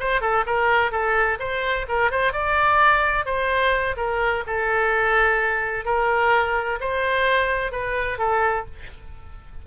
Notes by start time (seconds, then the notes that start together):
0.00 C5
0.22 A4
0.46 A#4
0.92 A4
1.40 C5
1.88 A#4
2.11 C5
2.33 D5
3.26 C5
3.97 A#4
4.47 A4
5.86 A#4
6.80 C5
7.72 B4
8.18 A4